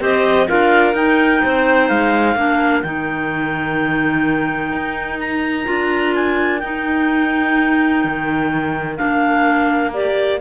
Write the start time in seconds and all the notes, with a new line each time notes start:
0.00 C4 G4 C5 D#5
0.48 D4 F4 A#4 F5
0.94 D#4 G5
1.44 C4 C5
1.89 G#3 F5
2.36 A#3 D4 A#4
2.82 D#3 D#4 G5
4.73 D#4
5.20 A#5
5.65 D4 F4
6.15 G#5
6.59 D#4 G5
8.05 D#3
8.97 A#3 D4 F5
9.94 G4 D5